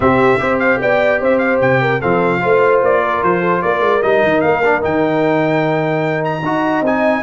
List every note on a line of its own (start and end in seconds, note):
0.00 0.40 C3
0.00 0.38 C4
0.00 0.40 G4
0.00 0.59 E5
0.38 0.80 C4
0.38 1.99 G4
0.38 0.80 C5
0.59 0.79 F5
0.81 1.21 B3
0.81 1.20 D5
0.81 1.21 G5
1.20 1.61 C4
1.20 1.81 C5
1.20 1.38 E5
1.38 1.58 F5
1.61 2.01 C3
1.61 2.01 G5
1.81 1.99 A#4
1.99 2.44 F3
1.99 2.40 C4
1.99 2.40 A4
1.99 2.81 F5
2.40 2.82 A3
2.40 4.02 F4
2.40 3.02 C5
2.82 3.22 A#3
2.82 3.23 D5
3.02 3.40 A#4
3.23 3.63 F3
3.23 3.62 C5
3.40 3.60 A4
3.62 3.80 A#3
3.62 6.44 A#4
3.62 4.02 D5
3.80 4.00 G#3
4.02 4.23 G3
4.02 4.62 D#4
4.02 4.41 D#5
4.23 4.43 D#3
4.41 4.83 A#3
4.41 4.81 F5
4.64 4.81 D4
4.81 6.42 D#3
4.81 6.42 D#4
4.81 6.24 G5
6.24 6.84 A#5
6.42 6.81 D#4
6.42 6.85 F#4
6.42 7.22 D#5
6.81 7.21 C4
6.81 7.22 D#4
6.81 7.22 G#5